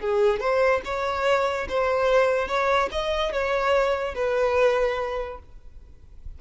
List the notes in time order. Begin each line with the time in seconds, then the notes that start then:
0.00 G#4
0.40 C5
0.85 C#5
1.69 C5
2.48 C#5
2.92 D#5
3.33 C#5
4.15 B4